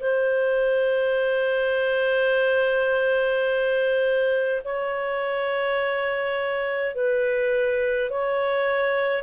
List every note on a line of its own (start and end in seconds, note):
0.00 4.62 C5
4.64 6.94 C#5
6.94 8.10 B4
8.10 9.22 C#5